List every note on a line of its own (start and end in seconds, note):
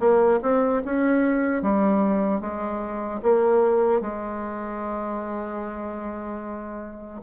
0.00 0.40 A#3
0.43 0.83 C4
0.85 1.63 C#4
1.63 2.41 G3
2.41 3.21 G#3
3.23 4.01 A#3
4.01 7.21 G#3